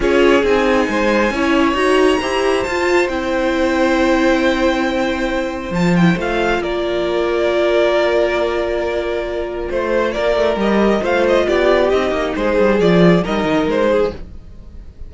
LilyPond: <<
  \new Staff \with { instrumentName = "violin" } { \time 4/4 \tempo 4 = 136 cis''4 gis''2. | ais''2 a''4 g''4~ | g''1~ | g''4 a''8 g''8 f''4 d''4~ |
d''1~ | d''2 c''4 d''4 | dis''4 f''8 dis''8 d''4 dis''4 | c''4 d''4 dis''4 c''4 | }
  \new Staff \with { instrumentName = "violin" } { \time 4/4 gis'2 c''4 cis''4~ | cis''4 c''2.~ | c''1~ | c''2. ais'4~ |
ais'1~ | ais'2 c''4 ais'4~ | ais'4 c''4 g'2 | gis'2 ais'4. gis'8 | }
  \new Staff \with { instrumentName = "viola" } { \time 4/4 f'4 dis'2 e'4 | fis'4 g'4 f'4 e'4~ | e'1~ | e'4 f'8 e'8 f'2~ |
f'1~ | f'1 | g'4 f'2 dis'4~ | dis'4 f'4 dis'2 | }
  \new Staff \with { instrumentName = "cello" } { \time 4/4 cis'4 c'4 gis4 cis'4 | dis'4 e'4 f'4 c'4~ | c'1~ | c'4 f4 a4 ais4~ |
ais1~ | ais2 a4 ais8 a8 | g4 a4 b4 c'8 ais8 | gis8 g8 f4 g8 dis8 gis4 | }
>>